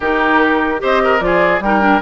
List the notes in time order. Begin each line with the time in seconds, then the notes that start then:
0.00 D#3 D#4 G4 A#4
0.78 C4 G4 C5 D#5
1.03 A#4
1.20 F3 F4 G#4 D5
1.60 G3 D#4 A#4 G5
1.80 D4